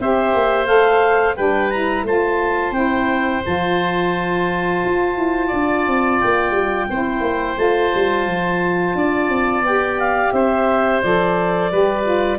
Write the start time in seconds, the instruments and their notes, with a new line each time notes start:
0.00 tuba C4, saxophone G4, oboe C5, clarinet E5
0.35 tuba A#3
0.66 tuba A3, saxophone A4, clarinet F5
1.36 tuba G3, saxophone D4, oboe B4, clarinet G5
1.71 saxophone E4, clarinet A#5
2.04 tuba A3, saxophone F4, oboe C5, clarinet A5
2.72 tuba C4, saxophone E4, clarinet G5
3.44 tuba F3, saxophone F4, clarinet A5
4.85 tuba F4
5.18 tuba E4
5.48 tuba D4, oboe D5
5.87 tuba C4
6.21 tuba A#3, clarinet G5
6.51 tuba G3
6.90 tuba C4, saxophone E4, oboe C5
7.21 tuba A#3
7.57 tuba A3, saxophone F4, clarinet A5
7.95 tuba G3
8.27 tuba F3
8.95 tuba D4, oboe D5
9.29 tuba C4
9.62 tuba B3, saxophone G4, clarinet G5
10.00 clarinet F5
10.33 tuba C4, oboe C5, clarinet E5
11.02 tuba F3, saxophone A4, clarinet D5
11.72 tuba G3, saxophone G4, oboe B4
12.04 saxophone F4